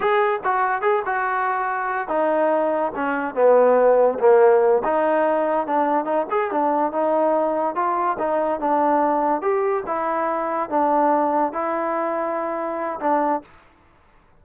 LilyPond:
\new Staff \with { instrumentName = "trombone" } { \time 4/4 \tempo 4 = 143 gis'4 fis'4 gis'8 fis'4.~ | fis'4 dis'2 cis'4 | b2 ais4. dis'8~ | dis'4. d'4 dis'8 gis'8 d'8~ |
d'8 dis'2 f'4 dis'8~ | dis'8 d'2 g'4 e'8~ | e'4. d'2 e'8~ | e'2. d'4 | }